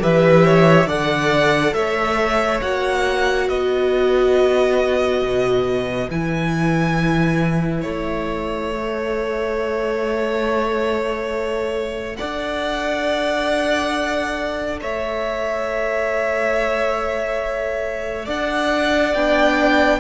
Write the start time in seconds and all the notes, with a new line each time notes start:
0.00 E3 G4 B4 E5
0.45 C#5
0.86 D3 A4 D5 F#5
1.73 A3 C#5 E5
2.62 A#3 F#4 F#5
3.48 B3 B4 D#5
5.22 B2
6.10 E3 E4 G#5
7.82 A3 C#5 E5
8.71 A4
12.16 D4 D5 F#5
14.81 A3 C#5 E5
18.25 D4 D5 F#5
19.14 B3 D4 G5